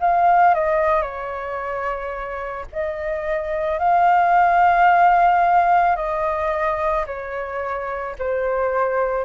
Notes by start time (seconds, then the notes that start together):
0.00 F5
0.55 D#5
1.02 C#5
2.73 D#5
3.79 F5
5.96 D#5
7.06 C#5
8.19 C5